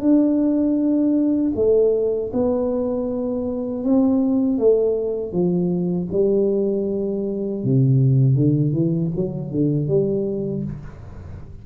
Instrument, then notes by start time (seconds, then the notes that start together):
tuba
0.00 D4
1.55 A3
2.33 B3
3.84 C4
4.58 A3
5.32 F3
6.12 G3
7.64 C3
8.35 D3
8.72 E3
9.16 F#3
9.51 D3
9.88 G3